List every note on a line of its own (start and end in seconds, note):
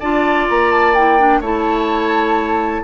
0.00 0.49 D4
0.00 0.96 F4
0.00 1.41 D5
0.00 0.47 A5
0.49 1.41 A#3
0.49 0.71 A#5
0.71 0.95 A5
0.95 1.19 E4
0.95 1.42 G5
1.19 1.43 D4
1.41 2.82 A3
1.41 2.84 E4
1.41 2.81 C#5
1.41 2.84 A5